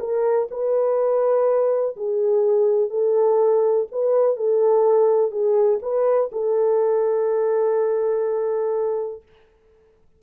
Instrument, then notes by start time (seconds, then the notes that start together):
horn
0.00 A#4
0.51 B4
1.97 G#4
2.91 A4
3.92 B4
4.37 A4
5.32 G#4
5.83 B4
6.33 A4